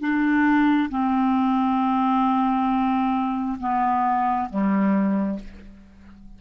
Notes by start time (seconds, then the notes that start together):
0.00 D4
0.90 C4
3.59 B3
4.50 G3